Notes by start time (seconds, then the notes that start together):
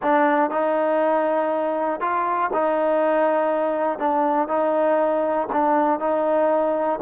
0.02 D4
0.50 D#4
2.00 F4
2.53 D#4
3.98 D4
4.47 D#4
5.52 D4
5.99 D#4